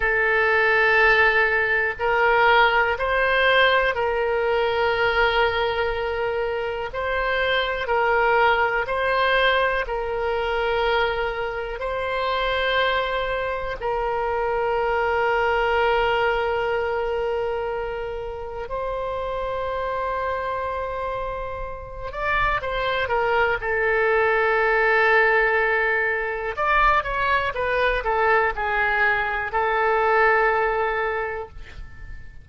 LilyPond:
\new Staff \with { instrumentName = "oboe" } { \time 4/4 \tempo 4 = 61 a'2 ais'4 c''4 | ais'2. c''4 | ais'4 c''4 ais'2 | c''2 ais'2~ |
ais'2. c''4~ | c''2~ c''8 d''8 c''8 ais'8 | a'2. d''8 cis''8 | b'8 a'8 gis'4 a'2 | }